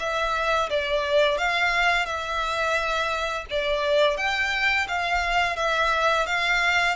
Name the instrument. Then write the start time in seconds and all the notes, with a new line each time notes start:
violin
0.00 E5
0.70 D5
1.38 F5
2.06 E5
3.51 D5
4.18 G5
4.88 F5
5.57 E5
6.27 F5